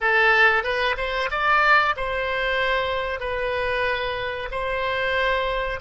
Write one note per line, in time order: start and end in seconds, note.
0.00 0.63 A4
0.63 0.95 B4
0.97 1.29 C5
1.30 1.95 D5
1.96 3.20 C5
3.20 4.49 B4
4.51 5.80 C5